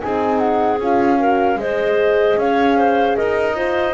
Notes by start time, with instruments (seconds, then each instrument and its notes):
0.00 double bass C4, horn D#4, clarinet G#4, flute G#5
0.38 flute F#5
0.80 double bass C#4, horn F4, flute F5
1.19 horn F#4, clarinet A#4
1.56 double bass G#3, horn G#4, clarinet C5, flute D#5
2.37 double bass C#4, clarinet C#5, flute F5
2.77 clarinet C5
3.16 double bass D#4, clarinet A#4, flute D#5
3.55 horn F4, clarinet C5